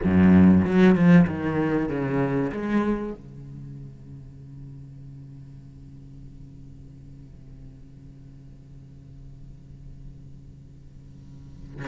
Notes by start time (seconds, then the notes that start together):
0.03 F#2
0.64 F#3
0.95 F3
1.27 D#3
1.88 C#3
2.52 G#3
3.13 C#3